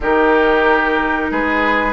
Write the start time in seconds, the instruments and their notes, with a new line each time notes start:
0.00 bassoon D#3, clarinet D#4, oboe G4, flute A#4
1.30 bassoon G#3, oboe G#4, flute B4